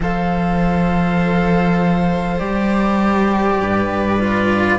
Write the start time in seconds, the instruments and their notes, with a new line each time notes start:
0.00 cello F3 A4, viola C5, flute F5
2.38 cello G3 G4, flute D5
3.60 cello G2, viola B4
4.20 cello F4